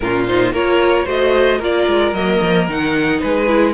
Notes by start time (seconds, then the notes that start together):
0.00 A#2 C#4 F4 A#4
0.26 D#4 C5
0.52 A#3 F4 A#4 C#5
1.04 A3 F#4 C5 D#5
1.58 A#3 F4 A#4 D5
1.86 G#3
2.13 F#3 A#3 D#5
2.42 F3
2.67 D#3 D#4 F#5
3.20 G#3 G#4 B4
3.47 E4